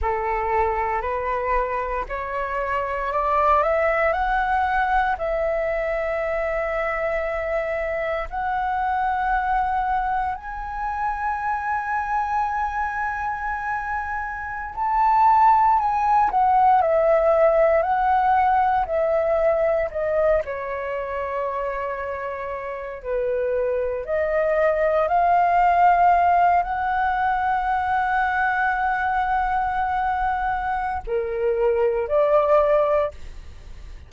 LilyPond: \new Staff \with { instrumentName = "flute" } { \time 4/4 \tempo 4 = 58 a'4 b'4 cis''4 d''8 e''8 | fis''4 e''2. | fis''2 gis''2~ | gis''2~ gis''16 a''4 gis''8 fis''16~ |
fis''16 e''4 fis''4 e''4 dis''8 cis''16~ | cis''2~ cis''16 b'4 dis''8.~ | dis''16 f''4. fis''2~ fis''16~ | fis''2 ais'4 d''4 | }